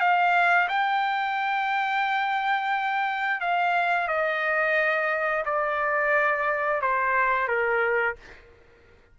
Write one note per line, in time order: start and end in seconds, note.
0.00 0.68 F5
0.68 3.41 G5
3.41 4.08 F5
4.08 5.45 D#5
5.45 6.82 D5
6.82 7.48 C5
7.48 8.16 A#4